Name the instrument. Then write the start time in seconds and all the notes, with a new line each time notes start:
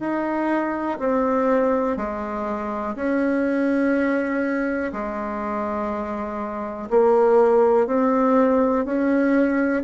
bassoon
0.00 D#4
0.99 C4
1.97 G#3
2.95 C#4
4.92 G#3
6.90 A#3
7.87 C4
8.85 C#4